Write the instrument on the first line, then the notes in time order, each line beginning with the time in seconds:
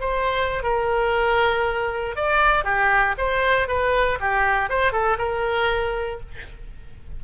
oboe
0.00 C5
0.63 A#4
2.16 D5
2.64 G4
3.18 C5
3.68 B4
4.20 G4
4.69 C5
4.92 A4
5.18 A#4